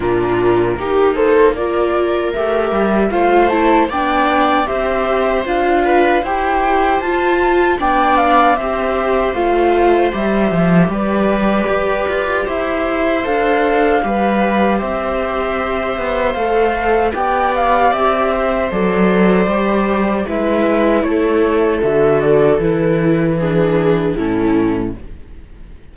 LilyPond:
<<
  \new Staff \with { instrumentName = "flute" } { \time 4/4 \tempo 4 = 77 ais'4. c''8 d''4 e''4 | f''8 a''8 g''4 e''4 f''4 | g''4 a''4 g''8 f''8 e''4 | f''4 e''4 d''2 |
e''4 f''2 e''4~ | e''4 f''4 g''8 f''8 e''4 | d''2 e''4 cis''4 | e''8 d''8 b'2 a'4 | }
  \new Staff \with { instrumentName = "viola" } { \time 4/4 f'4 g'8 a'8 ais'2 | c''4 d''4 c''4. b'8 | c''2 d''4 c''4~ | c''2 b'2 |
c''2 b'4 c''4~ | c''2 d''4. c''8~ | c''2 b'4 a'4~ | a'2 gis'4 e'4 | }
  \new Staff \with { instrumentName = "viola" } { \time 4/4 d'4 dis'4 f'4 g'4 | f'8 e'8 d'4 g'4 f'4 | g'4 f'4 d'4 g'4 | f'4 g'2.~ |
g'4 a'4 g'2~ | g'4 a'4 g'2 | a'4 g'4 e'2 | fis'4 e'4 d'4 cis'4 | }
  \new Staff \with { instrumentName = "cello" } { \time 4/4 ais,4 ais2 a8 g8 | a4 b4 c'4 d'4 | e'4 f'4 b4 c'4 | a4 g8 f8 g4 g'8 f'8 |
e'4 d'4 g4 c'4~ | c'8 b8 a4 b4 c'4 | fis4 g4 gis4 a4 | d4 e2 a,4 | }
>>